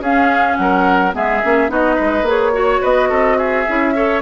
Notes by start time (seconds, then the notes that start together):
0.00 C#4 G#4 F5
0.56 F#3 A#4 F#5
1.13 G#3 B3 G#4 E5
1.44 A#3 C#4
1.68 B3 D#4 F#4 D#5
1.96 G#3 B4
2.22 A#3 G#4
2.29 C#5
2.53 F#4 C#5
2.81 B3 B4 D#5
3.09 C4 A4
3.38 G#4 E5
3.67 C#4 E4
3.95 A4 C#5